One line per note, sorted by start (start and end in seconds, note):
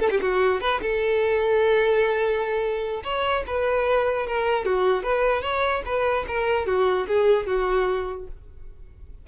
0.00 0.10 A4
0.11 0.21 G4
0.21 0.61 F#4
0.61 0.81 B4
0.82 3.04 A4
3.04 3.44 C#5
3.47 4.27 B4
4.27 4.65 A#4
4.65 5.04 F#4
5.04 5.43 B4
5.43 5.83 C#5
5.86 6.26 B4
6.28 6.67 A#4
6.67 7.07 F#4
7.08 7.47 G#4
7.47 8.27 F#4